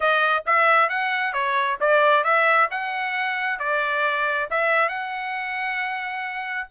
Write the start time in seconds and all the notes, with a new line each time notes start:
0.00 D#5
0.45 E5
0.89 F#5
1.33 C#5
1.80 D5
2.23 E5
2.70 F#5
3.59 D5
4.50 E5
4.88 F#5